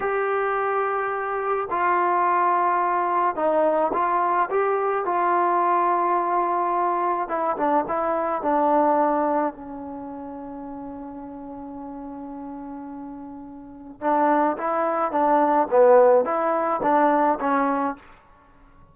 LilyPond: \new Staff \with { instrumentName = "trombone" } { \time 4/4 \tempo 4 = 107 g'2. f'4~ | f'2 dis'4 f'4 | g'4 f'2.~ | f'4 e'8 d'8 e'4 d'4~ |
d'4 cis'2.~ | cis'1~ | cis'4 d'4 e'4 d'4 | b4 e'4 d'4 cis'4 | }